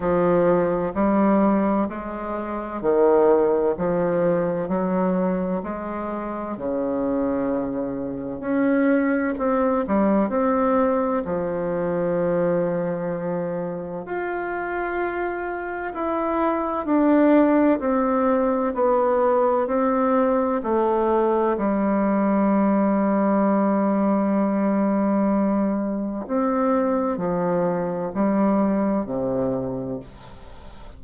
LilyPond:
\new Staff \with { instrumentName = "bassoon" } { \time 4/4 \tempo 4 = 64 f4 g4 gis4 dis4 | f4 fis4 gis4 cis4~ | cis4 cis'4 c'8 g8 c'4 | f2. f'4~ |
f'4 e'4 d'4 c'4 | b4 c'4 a4 g4~ | g1 | c'4 f4 g4 c4 | }